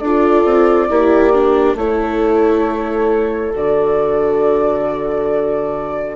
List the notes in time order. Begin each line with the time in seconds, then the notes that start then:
0.00 D4 A4 D5
0.06 F4
0.45 C4
0.90 A#3 E4 G4
1.34 D4
1.75 A3 E4 A4 C#5
3.53 D3 F#4 D5